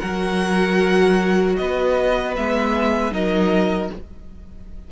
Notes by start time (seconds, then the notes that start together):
0.00 F#3 F#4 A#4 F#5
1.57 B3 B4 D#5
2.36 G#3 B3 E5
3.11 F#3 D#4 A#4 D#5